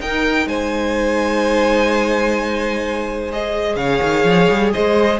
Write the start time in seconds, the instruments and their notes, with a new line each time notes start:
0.00 cello D#4, viola D#4, violin A#4 G5
0.46 cello G#3, violin C5 G#5
3.32 viola G#4, violin D#5
3.75 cello C#3, violin C#5 F5
4.02 cello D#3
4.24 cello F3
4.50 cello G3
4.73 cello G#3, violin C5 D#5